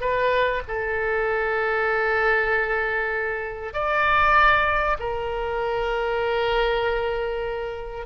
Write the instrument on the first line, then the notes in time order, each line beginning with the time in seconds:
oboe
0.00 B4
0.67 A4
3.73 D5
4.99 A#4